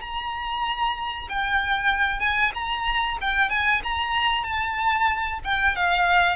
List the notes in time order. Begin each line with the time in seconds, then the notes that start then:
0.00 A#5
1.29 G5
2.20 G#5
2.54 A#5
3.21 G5
3.50 G#5
3.83 A#5
4.43 A5
5.44 G5
5.75 F5